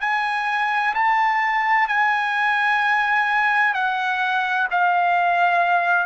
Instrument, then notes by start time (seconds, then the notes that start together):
trumpet
0.00 G#5
0.94 A5
1.87 G#5
3.74 F#5
4.70 F5